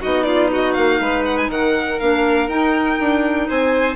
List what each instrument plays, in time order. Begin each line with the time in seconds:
0.00 bassoon B3, clarinet D#4, violin F#4 D#5
0.23 violin F4 D5
0.51 violin F#4 D#5
0.73 bassoon A#3, violin F5
1.00 bassoon G#3, violin B4
1.25 violin F#5
1.37 violin G#5
1.49 bassoon D#3, violin A#4 F#5
1.99 bassoon A#3, clarinet D4, violin F5
2.48 bassoon D#4, clarinet D#4, violin G5
3.00 bassoon D4
3.48 bassoon C4, violin C5 G#5